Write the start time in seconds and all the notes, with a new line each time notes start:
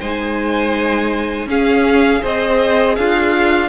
0.00 G#3 D#4 C5 G#5
1.47 C#4 G#4 F5
2.19 G#4 C5
2.25 C4 D#5
2.96 D4 F4 F5